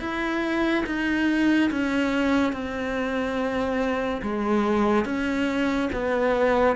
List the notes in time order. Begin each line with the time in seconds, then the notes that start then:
0.00 E4
0.86 D#4
1.71 C#4
2.53 C4
4.22 G#3
5.05 C#4
5.93 B3